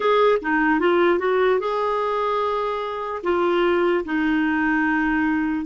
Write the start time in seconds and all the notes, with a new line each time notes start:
0.00 G#4
0.41 D#4
0.79 F4
1.19 F#4
1.59 G#4
3.23 F4
4.05 D#4